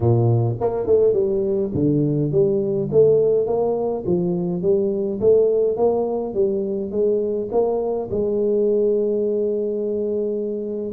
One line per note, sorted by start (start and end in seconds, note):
0.00 0.55 A#2
0.60 0.86 A#3
0.86 1.13 A3
1.13 1.71 G3
1.74 2.31 D3
2.31 2.89 G3
2.91 3.46 A3
3.46 4.04 A#3
4.06 4.62 F3
4.62 5.19 G3
5.20 5.76 A3
5.76 6.34 A#3
6.34 6.91 G3
6.91 7.48 G#3
7.51 8.09 A#3
8.10 10.92 G#3